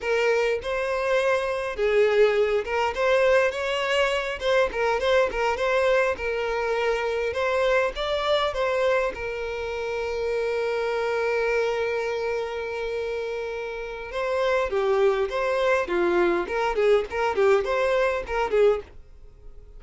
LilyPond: \new Staff \with { instrumentName = "violin" } { \time 4/4 \tempo 4 = 102 ais'4 c''2 gis'4~ | gis'8 ais'8 c''4 cis''4. c''8 | ais'8 c''8 ais'8 c''4 ais'4.~ | ais'8 c''4 d''4 c''4 ais'8~ |
ais'1~ | ais'1 | c''4 g'4 c''4 f'4 | ais'8 gis'8 ais'8 g'8 c''4 ais'8 gis'8 | }